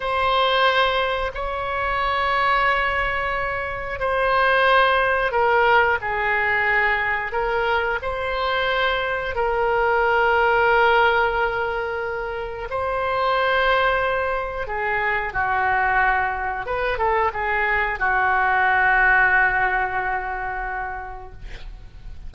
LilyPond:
\new Staff \with { instrumentName = "oboe" } { \time 4/4 \tempo 4 = 90 c''2 cis''2~ | cis''2 c''2 | ais'4 gis'2 ais'4 | c''2 ais'2~ |
ais'2. c''4~ | c''2 gis'4 fis'4~ | fis'4 b'8 a'8 gis'4 fis'4~ | fis'1 | }